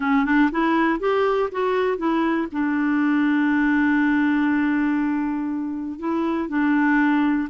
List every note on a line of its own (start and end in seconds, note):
0.00 0.25 C#4
0.25 0.50 D4
0.51 0.99 E4
0.99 1.49 G4
1.51 1.97 F#4
1.97 2.47 E4
2.52 5.99 D4
5.99 6.49 E4
6.49 7.49 D4